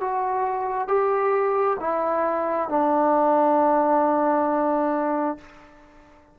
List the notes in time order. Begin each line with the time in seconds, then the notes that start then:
0.00 F#4
0.88 G4
1.80 E4
2.69 D4